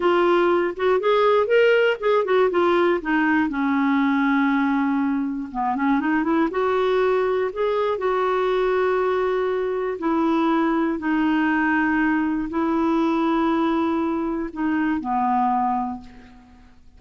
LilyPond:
\new Staff \with { instrumentName = "clarinet" } { \time 4/4 \tempo 4 = 120 f'4. fis'8 gis'4 ais'4 | gis'8 fis'8 f'4 dis'4 cis'4~ | cis'2. b8 cis'8 | dis'8 e'8 fis'2 gis'4 |
fis'1 | e'2 dis'2~ | dis'4 e'2.~ | e'4 dis'4 b2 | }